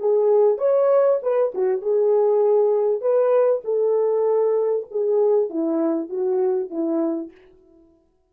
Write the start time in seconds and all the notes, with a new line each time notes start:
0.00 G#4
0.58 C#5
1.23 B4
1.55 F#4
1.82 G#4
3.01 B4
3.65 A4
4.91 G#4
5.50 E4
6.10 F#4
6.70 E4